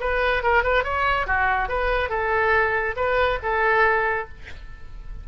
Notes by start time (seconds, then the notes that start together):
0.00 B4
0.43 A#4
0.64 B4
0.84 C#5
1.27 F#4
1.69 B4
2.09 A4
2.96 B4
3.42 A4